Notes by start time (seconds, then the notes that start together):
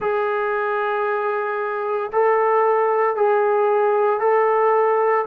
0.00 G#4
2.12 A4
3.16 G#4
4.20 A4